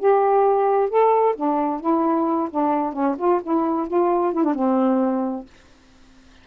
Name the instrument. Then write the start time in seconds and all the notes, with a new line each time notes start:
saxophone
0.00 G4
0.90 A4
1.36 D4
1.81 E4
2.51 D4
2.93 C#4
3.18 F4
3.43 E4
3.88 F4
4.34 E4
4.44 D4
4.55 C4